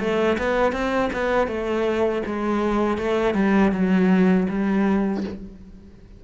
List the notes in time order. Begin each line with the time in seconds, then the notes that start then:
0.00 A3
0.38 B3
0.73 C4
1.13 B3
1.48 A3
2.26 G#3
2.98 A3
3.34 G3
3.72 F#3
4.49 G3